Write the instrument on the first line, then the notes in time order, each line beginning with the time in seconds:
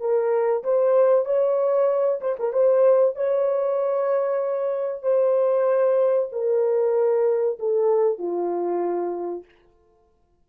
horn
0.00 A#4
0.63 C5
1.25 C#5
2.21 C5
2.39 A#4
2.53 C5
3.16 C#5
5.02 C5
6.32 A#4
7.59 A4
8.18 F4